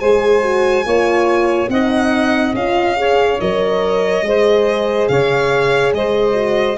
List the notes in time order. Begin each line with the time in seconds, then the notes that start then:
0.00 G#3 G#4 C5 G#5
0.42 F#4
0.85 A#3 F4 C#5
1.69 C4 D#4 D#5 F#5
2.54 C#4 F4 F5
2.96 G#4 C#5
3.40 F#3 A#4 D#5
4.22 G#3 G#4 C5
5.08 C#3 C#5 F5
5.93 G#3 C5 D#5
6.34 F#4